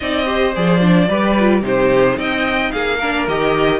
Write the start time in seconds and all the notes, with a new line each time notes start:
0.00 C4 D#4 D5 D#5
0.25 G4 C5
0.55 F3 G#4 D5
0.80 D4
1.07 G3 G4 B4
1.39 F4
1.61 C3 D#4 G4 C5
2.17 C4 D#5 G5
2.71 A#3 G#4 F5
2.98 D4 A#4
3.27 D#3 G4 D#5